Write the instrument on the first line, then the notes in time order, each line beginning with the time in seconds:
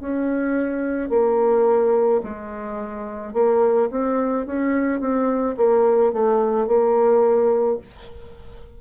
bassoon
0.00 C#4
1.10 A#3
2.24 G#3
3.34 A#3
3.91 C4
4.46 C#4
5.01 C4
5.58 A#3
6.13 A3
6.67 A#3